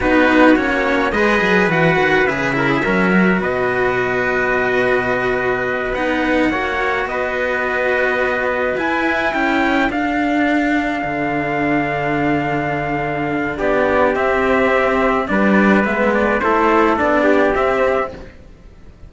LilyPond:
<<
  \new Staff \with { instrumentName = "trumpet" } { \time 4/4 \tempo 4 = 106 b'4 cis''4 dis''4 fis''4 | e''2 dis''2~ | dis''2~ dis''8 fis''4.~ | fis''8 dis''2. gis''8~ |
gis''8 g''4 f''2~ f''8~ | f''1 | d''4 e''2 d''4 | e''8 d''8 c''4 d''4 e''4 | }
  \new Staff \with { instrumentName = "trumpet" } { \time 4/4 fis'2 b'2~ | b'8 ais'16 gis'16 ais'4 b'2~ | b'2.~ b'8 cis''8~ | cis''8 b'2.~ b'8~ |
b'8 a'2.~ a'8~ | a'1 | g'2. b'4~ | b'4 a'4. g'4. | }
  \new Staff \with { instrumentName = "cello" } { \time 4/4 dis'4 cis'4 gis'4 fis'4 | gis'8 e'8 cis'8 fis'2~ fis'8~ | fis'2~ fis'8 dis'4 fis'8~ | fis'2.~ fis'8 e'8~ |
e'4. d'2~ d'8~ | d'1~ | d'4 c'2 d'4 | b4 e'4 d'4 c'4 | }
  \new Staff \with { instrumentName = "cello" } { \time 4/4 b4 ais4 gis8 fis8 e8 dis8 | cis4 fis4 b,2~ | b,2~ b,8 b4 ais8~ | ais8 b2. e'8~ |
e'8 cis'4 d'2 d8~ | d1 | b4 c'2 g4 | gis4 a4 b4 c'4 | }
>>